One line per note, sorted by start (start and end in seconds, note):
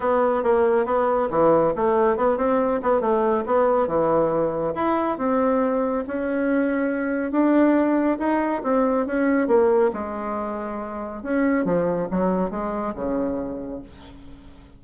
0.00 0.43 B3
0.43 0.85 A#3
0.85 1.28 B3
1.30 1.73 E3
1.75 2.16 A3
2.16 2.37 B3
2.37 2.81 C4
2.82 3.00 B3
3.00 3.44 A3
3.45 3.87 B3
3.87 4.73 E3
4.74 5.18 E4
5.18 6.04 C4
6.07 7.31 C#4
7.31 8.18 D4
8.18 8.62 D#4
8.63 9.06 C4
9.06 9.47 C#4
9.47 9.90 A#3
9.93 11.22 G#3
11.22 11.64 C#4
11.64 12.08 F3
12.10 12.50 F#3
12.50 12.93 G#3
12.95 13.81 C#3